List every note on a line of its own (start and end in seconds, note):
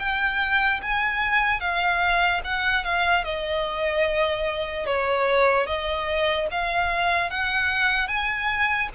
0.00 0.81 G5
0.83 1.60 G#5
1.60 2.41 F5
2.45 2.84 F#5
2.84 3.25 F5
3.25 4.86 D#5
4.86 5.67 C#5
5.67 6.48 D#5
6.51 7.30 F5
7.30 8.08 F#5
8.08 8.89 G#5